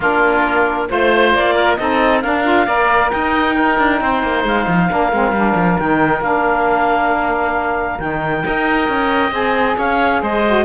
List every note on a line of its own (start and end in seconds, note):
0.00 0.88 A#3
0.00 0.88 D4
0.00 0.87 F4
0.00 0.89 A#4
0.88 1.34 A3
0.88 1.77 F4
0.88 1.33 C5
0.88 1.54 C5
1.34 1.78 A#3
1.34 1.75 D5
1.54 1.77 A#4
1.75 2.24 C4
1.75 2.23 D#4
1.75 2.23 A4
1.75 2.20 D#5
2.21 2.44 D4
2.21 2.67 D4
2.21 2.66 A#4
2.21 3.09 F5
2.44 2.66 F4
2.66 3.11 A#3
2.66 3.56 A#4
2.66 3.10 D5
3.09 3.79 D#4
3.09 3.55 D#5
3.09 4.43 G5
3.55 4.89 D#4
3.55 3.99 A#4
3.79 4.01 D4
4.01 4.22 C4
4.01 4.91 C5
4.22 4.44 A#3
4.44 4.66 G#3
4.44 5.79 F5
4.67 4.89 F3
4.89 5.12 A#3
4.89 5.11 D4
4.89 8.45 A#4
5.12 5.31 G#3
5.12 5.35 C4
5.31 5.53 G3
5.31 5.79 D4
5.55 5.77 F3
5.79 6.21 D#3
5.79 6.21 D#4
5.79 6.21 G5
6.21 7.98 A#3
6.21 7.99 D4
6.21 7.99 F5
7.99 8.43 D#3
7.99 8.44 D#4
7.99 9.32 G5
8.44 8.88 D#4
8.44 9.31 A#4
8.44 9.77 D#5
8.88 9.31 C#4
9.31 9.75 C4
9.31 10.42 G#4
9.31 9.77 G#5
9.77 10.21 C#4
9.77 10.21 C#5
9.77 10.22 F5
10.21 10.65 G#3
10.21 10.65 C5
10.21 10.65 D#5
10.47 10.65 F#4